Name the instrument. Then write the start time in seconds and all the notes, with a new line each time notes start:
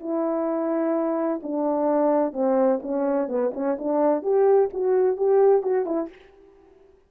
horn
0.00 E4
1.43 D4
2.33 C4
2.83 C#4
3.29 B3
3.54 C#4
3.79 D4
4.23 G4
4.74 F#4
5.17 G4
5.62 F#4
5.86 E4